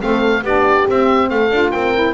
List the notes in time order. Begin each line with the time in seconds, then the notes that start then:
0.00 A3 C4 A4 F5
0.42 B3 D4 G4 D5
0.87 C4 E5
1.29 A3 A4 F5
1.51 D4 F4
1.71 C4 A#4 G5
1.94 E4